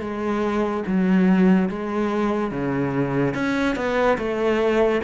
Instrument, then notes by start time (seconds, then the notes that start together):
cello
0.00 G#3
0.87 F#3
1.69 G#3
2.51 C#3
3.34 C#4
3.75 B3
4.17 A3